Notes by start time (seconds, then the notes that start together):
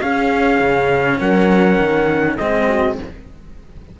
0.00 C#4 G#4 F5
0.60 C#3
1.20 F#3 A#4 F#5
1.79 D#3
2.37 G#3 C4 G#4 D#5
2.67 F#4